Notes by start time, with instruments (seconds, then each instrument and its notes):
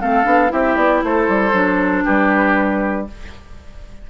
0.00 bassoon A3, clarinet C4, oboe A4, flute F5
0.24 bassoon B3, clarinet D4
0.48 bassoon C4, clarinet E4, oboe G4, flute E5
0.76 bassoon B3, flute D5
1.03 bassoon A3, oboe A4, flute C5
1.28 bassoon G3
1.52 bassoon F#3, clarinet D4
2.04 bassoon G3, oboe G4, flute B4